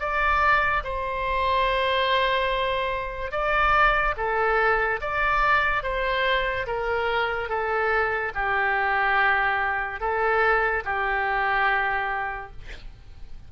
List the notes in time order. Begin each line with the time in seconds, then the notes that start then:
0.00 D5
0.84 C5
3.31 D5
4.17 A4
5.01 D5
5.83 C5
6.67 A#4
7.49 A4
8.35 G4
10.00 A4
10.85 G4